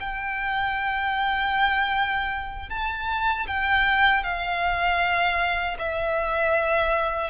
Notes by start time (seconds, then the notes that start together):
0.00 G5
2.70 A5
3.47 G5
4.23 F5
5.79 E5